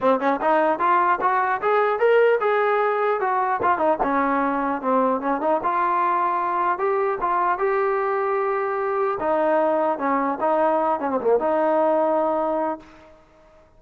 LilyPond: \new Staff \with { instrumentName = "trombone" } { \time 4/4 \tempo 4 = 150 c'8 cis'8 dis'4 f'4 fis'4 | gis'4 ais'4 gis'2 | fis'4 f'8 dis'8 cis'2 | c'4 cis'8 dis'8 f'2~ |
f'4 g'4 f'4 g'4~ | g'2. dis'4~ | dis'4 cis'4 dis'4. cis'16 c'16 | ais8 dis'2.~ dis'8 | }